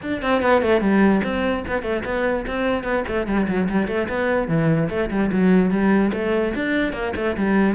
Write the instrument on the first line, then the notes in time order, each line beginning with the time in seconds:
cello
0.02 D4
0.22 C4
0.42 B3
0.62 A3
0.80 G3
1.23 C4
1.67 B3
1.82 A3
2.04 B3
2.46 C4
2.83 B3
3.07 A3
3.27 G3
3.48 F#3
3.69 G3
3.87 A3
4.08 B3
4.48 E3
4.89 A3
5.10 G3
5.32 F#3
5.71 G3
6.13 A3
6.54 D4
6.92 A#3
7.16 A3
7.37 G3